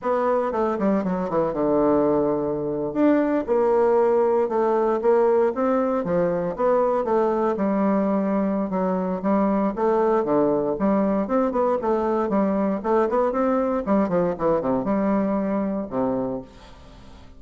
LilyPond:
\new Staff \with { instrumentName = "bassoon" } { \time 4/4 \tempo 4 = 117 b4 a8 g8 fis8 e8 d4~ | d4.~ d16 d'4 ais4~ ais16~ | ais8. a4 ais4 c'4 f16~ | f8. b4 a4 g4~ g16~ |
g4 fis4 g4 a4 | d4 g4 c'8 b8 a4 | g4 a8 b8 c'4 g8 f8 | e8 c8 g2 c4 | }